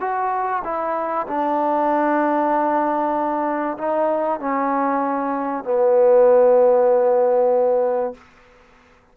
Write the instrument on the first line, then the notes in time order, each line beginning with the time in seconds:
trombone
0.00 F#4
0.64 E4
1.27 D4
3.78 D#4
4.39 C#4
5.64 B3